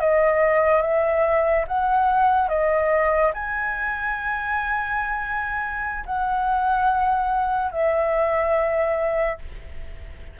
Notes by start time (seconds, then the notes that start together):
0.00 D#5
0.82 E5
1.68 F#5
2.49 D#5
3.34 G#5
6.06 F#5
7.72 E5